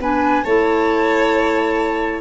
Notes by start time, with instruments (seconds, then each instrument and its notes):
0.00 tuba B3, clarinet D4, violin B4, flute G#5
0.44 tuba A3, clarinet E4, violin C#5, flute A5